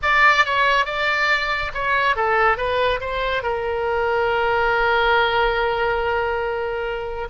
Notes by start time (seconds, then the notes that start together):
0.02 D5
0.45 C#5
0.85 D5
1.74 C#5
2.15 A4
2.57 B4
3.00 C5
3.42 A#4